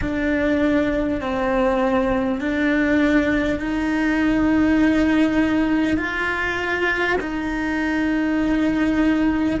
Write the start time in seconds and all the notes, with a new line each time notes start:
0.01 D4
1.21 C4
2.40 D4
3.59 D#4
5.97 F4
7.20 D#4